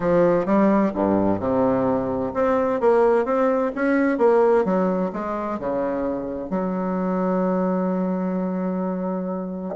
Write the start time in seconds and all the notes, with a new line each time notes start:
0.00 F3
0.45 G3
0.94 G2
1.39 C3
2.34 C4
2.80 A#3
3.25 C4
3.75 C#4
4.18 A#3
4.64 F#3
5.12 G#3
5.59 C#3
6.49 F#3